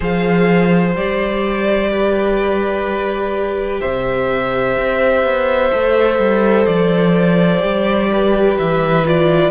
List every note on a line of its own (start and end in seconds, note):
0.00 0.95 F3
0.00 0.95 G#4
0.00 1.90 C5
0.00 0.96 F5
0.95 3.80 G3
0.95 5.71 G4
0.95 3.80 D5
1.91 3.81 B4
3.80 4.77 C3
3.80 8.09 C5
3.80 6.66 E5
4.77 5.23 C4
5.23 5.71 B3
5.71 6.18 A3
5.71 7.60 A4
6.18 6.65 G3
6.66 7.62 F3
6.66 8.56 D5
7.60 8.58 G3
7.60 9.03 G4
8.11 9.51 B4
8.58 9.51 E3
8.58 9.06 E5
9.05 9.51 F4
9.05 9.51 D5